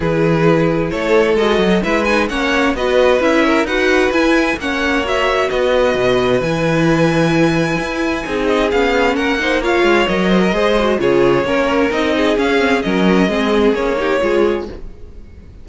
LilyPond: <<
  \new Staff \with { instrumentName = "violin" } { \time 4/4 \tempo 4 = 131 b'2 cis''4 dis''4 | e''8 gis''8 fis''4 dis''4 e''4 | fis''4 gis''4 fis''4 e''4 | dis''2 gis''2~ |
gis''2~ gis''8 dis''8 f''4 | fis''4 f''4 dis''2 | cis''2 dis''4 f''4 | dis''2 cis''2 | }
  \new Staff \with { instrumentName = "violin" } { \time 4/4 gis'2 a'2 | b'4 cis''4 b'4. ais'8 | b'2 cis''2 | b'1~ |
b'2 gis'2 | ais'8 c''8 cis''4. c''16 ais'16 c''4 | gis'4 ais'4. gis'4. | ais'4 gis'4. g'8 gis'4 | }
  \new Staff \with { instrumentName = "viola" } { \time 4/4 e'2. fis'4 | e'8 dis'8 cis'4 fis'4 e'4 | fis'4 e'4 cis'4 fis'4~ | fis'2 e'2~ |
e'2 dis'4 cis'4~ | cis'8 dis'8 f'4 ais'4 gis'8 fis'8 | f'4 cis'4 dis'4 cis'8 c'8 | cis'4 c'4 cis'8 dis'8 f'4 | }
  \new Staff \with { instrumentName = "cello" } { \time 4/4 e2 a4 gis8 fis8 | gis4 ais4 b4 cis'4 | dis'4 e'4 ais2 | b4 b,4 e2~ |
e4 e'4 c'4 b4 | ais4. gis8 fis4 gis4 | cis4 ais4 c'4 cis'4 | fis4 gis4 ais4 gis4 | }
>>